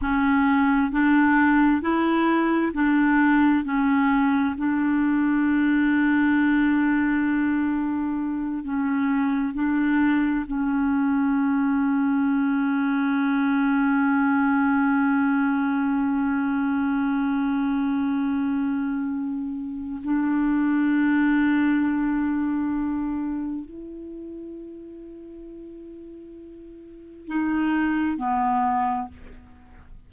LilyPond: \new Staff \with { instrumentName = "clarinet" } { \time 4/4 \tempo 4 = 66 cis'4 d'4 e'4 d'4 | cis'4 d'2.~ | d'4. cis'4 d'4 cis'8~ | cis'1~ |
cis'1~ | cis'2 d'2~ | d'2 e'2~ | e'2 dis'4 b4 | }